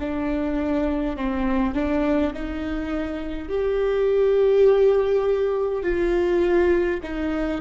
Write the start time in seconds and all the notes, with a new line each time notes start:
0.00 D4
1.17 C4
1.75 D4
2.34 D#4
3.50 G4
5.83 F4
7.03 D#4